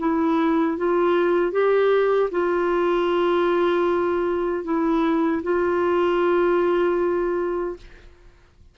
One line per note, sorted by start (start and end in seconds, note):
0.00 0.78 E4
0.78 1.52 F4
1.52 2.30 G4
2.32 4.65 F4
4.65 5.43 E4
5.43 7.77 F4